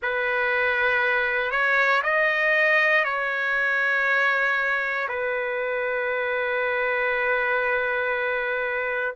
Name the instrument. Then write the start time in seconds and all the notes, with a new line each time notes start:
trumpet
0.02 B4
1.51 C#5
2.03 D#5
3.04 C#5
5.08 B4